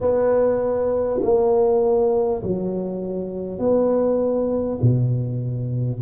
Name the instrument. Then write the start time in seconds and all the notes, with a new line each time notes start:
tuba
0.01 B3
1.22 A#3
2.42 F#3
3.58 B3
4.81 B2